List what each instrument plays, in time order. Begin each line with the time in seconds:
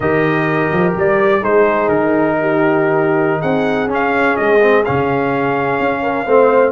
0.00 tuba D#3, trombone G4, horn A#4, trumpet D#5
0.71 tuba F3
0.96 tuba G3, trumpet D5
1.40 tuba G#3, trombone D#4, horn G#4, trumpet C5
1.88 tuba D#3, trumpet A#4
2.40 horn G4
3.39 tuba C4, horn G#4, trumpet F#5
3.86 tuba C#4, trombone C#4
3.94 trumpet F5
4.36 tuba G#3, trumpet D#5
4.60 trombone C4
4.85 tuba C#3, trombone C#4, trumpet F5
5.79 tuba C#4
6.02 horn A#4
6.25 tuba A3, trombone C4, horn C5